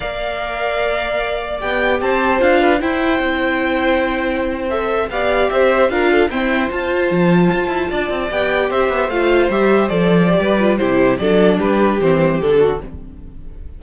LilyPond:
<<
  \new Staff \with { instrumentName = "violin" } { \time 4/4 \tempo 4 = 150 f''1 | g''4 a''4 f''4 g''4~ | g''2.~ g''8. e''16~ | e''8. f''4 e''4 f''4 g''16~ |
g''8. a''2.~ a''16~ | a''8. g''4 e''4 f''4 e''16~ | e''8. d''2~ d''16 c''4 | d''4 b'4 c''4 a'4 | }
  \new Staff \with { instrumentName = "violin" } { \time 4/4 d''1~ | d''4 c''4. b'8 c''4~ | c''1~ | c''8. d''4 c''4 ais'8 a'8 c''16~ |
c''2.~ c''8. d''16~ | d''4.~ d''16 c''2~ c''16~ | c''2 b'4 g'4 | a'4 g'2~ g'8 fis'8 | }
  \new Staff \with { instrumentName = "viola" } { \time 4/4 ais'1 | g'2 f'4 e'4~ | e'2.~ e'8. a'16~ | a'8. g'2 f'4 c'16~ |
c'8. f'2.~ f'16~ | f'8. g'2 f'4 g'16~ | g'8. a'4 g'8. f'8 e'4 | d'2 c'4 d'4 | }
  \new Staff \with { instrumentName = "cello" } { \time 4/4 ais1 | b4 c'4 d'4 e'4 | c'1~ | c'8. b4 c'4 d'4 e'16~ |
e'8. f'4 f4 f'8 e'8 d'16~ | d'16 c'8 b4 c'8 b8 a4 g16~ | g8. f4~ f16 g4 c4 | fis4 g4 e4 d4 | }
>>